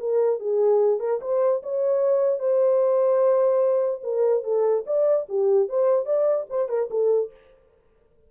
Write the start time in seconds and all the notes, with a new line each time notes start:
0.00 A#4
0.40 G#4
1.00 A#4
1.22 C5
1.63 C#5
2.40 C5
4.04 A#4
4.44 A4
4.87 D5
5.29 G4
5.69 C5
6.06 D5
6.50 C5
6.69 A#4
6.91 A4